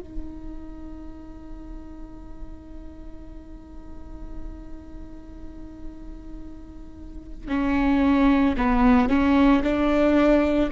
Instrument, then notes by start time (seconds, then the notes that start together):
viola
0.00 D#4
7.48 C#4
8.57 B3
9.09 C#4
9.63 D4